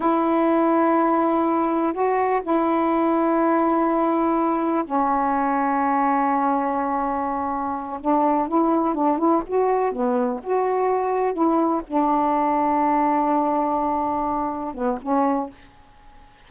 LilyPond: \new Staff \with { instrumentName = "saxophone" } { \time 4/4 \tempo 4 = 124 e'1 | fis'4 e'2.~ | e'2 cis'2~ | cis'1~ |
cis'8 d'4 e'4 d'8 e'8 fis'8~ | fis'8 b4 fis'2 e'8~ | e'8 d'2.~ d'8~ | d'2~ d'8 b8 cis'4 | }